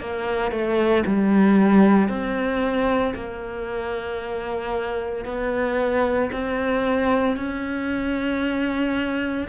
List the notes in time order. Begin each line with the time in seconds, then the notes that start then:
0.00 A#3
0.51 A3
1.06 G3
2.08 C4
3.14 A#3
5.25 B3
6.32 C4
7.36 C#4